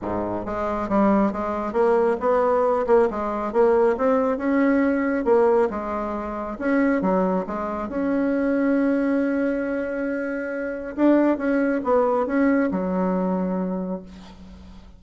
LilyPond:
\new Staff \with { instrumentName = "bassoon" } { \time 4/4 \tempo 4 = 137 gis,4 gis4 g4 gis4 | ais4 b4. ais8 gis4 | ais4 c'4 cis'2 | ais4 gis2 cis'4 |
fis4 gis4 cis'2~ | cis'1~ | cis'4 d'4 cis'4 b4 | cis'4 fis2. | }